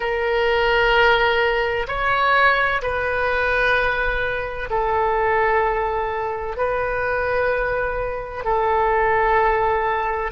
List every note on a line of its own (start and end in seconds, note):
0.00 1.86 A#4
1.87 2.81 C#5
2.82 4.69 B4
4.70 6.56 A4
6.56 8.44 B4
8.44 10.31 A4